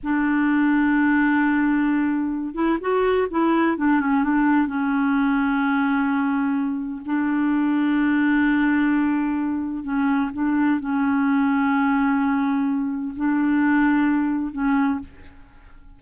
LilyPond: \new Staff \with { instrumentName = "clarinet" } { \time 4/4 \tempo 4 = 128 d'1~ | d'4. e'8 fis'4 e'4 | d'8 cis'8 d'4 cis'2~ | cis'2. d'4~ |
d'1~ | d'4 cis'4 d'4 cis'4~ | cis'1 | d'2. cis'4 | }